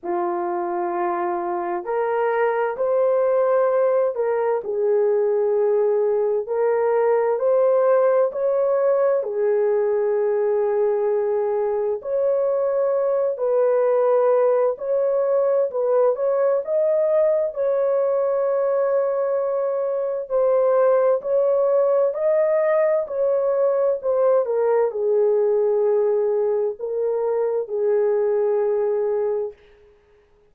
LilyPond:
\new Staff \with { instrumentName = "horn" } { \time 4/4 \tempo 4 = 65 f'2 ais'4 c''4~ | c''8 ais'8 gis'2 ais'4 | c''4 cis''4 gis'2~ | gis'4 cis''4. b'4. |
cis''4 b'8 cis''8 dis''4 cis''4~ | cis''2 c''4 cis''4 | dis''4 cis''4 c''8 ais'8 gis'4~ | gis'4 ais'4 gis'2 | }